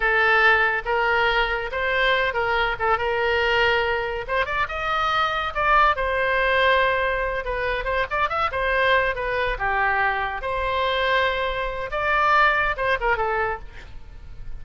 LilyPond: \new Staff \with { instrumentName = "oboe" } { \time 4/4 \tempo 4 = 141 a'2 ais'2 | c''4. ais'4 a'8 ais'4~ | ais'2 c''8 d''8 dis''4~ | dis''4 d''4 c''2~ |
c''4. b'4 c''8 d''8 e''8 | c''4. b'4 g'4.~ | g'8 c''2.~ c''8 | d''2 c''8 ais'8 a'4 | }